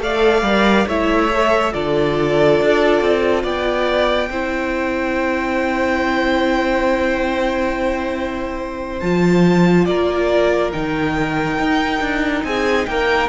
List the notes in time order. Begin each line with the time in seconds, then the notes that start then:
0.00 A3 A4 D5 F5
0.42 G3 A#4
0.88 A3 E4 C#5 E5
1.31 A4
1.72 D3 F4 A4 D5
2.61 D4
3.02 C4
3.43 B3 D5 G5
4.29 C4 E4 C5
9.00 F3 F4 A5
9.85 A#3 A#4 D5
10.73 D#3 D#4 G5
11.60 D#4
12.01 D4
12.44 C4 G#4 G#5
12.86 A#3 A#4 G5